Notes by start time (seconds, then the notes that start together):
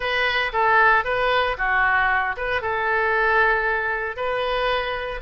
0.00 B4
0.52 A4
1.04 B4
1.57 F#4
2.36 B4
2.61 A4
4.16 B4